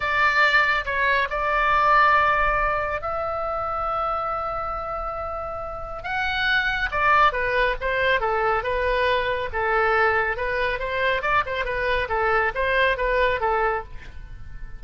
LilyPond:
\new Staff \with { instrumentName = "oboe" } { \time 4/4 \tempo 4 = 139 d''2 cis''4 d''4~ | d''2. e''4~ | e''1~ | e''2 fis''2 |
d''4 b'4 c''4 a'4 | b'2 a'2 | b'4 c''4 d''8 c''8 b'4 | a'4 c''4 b'4 a'4 | }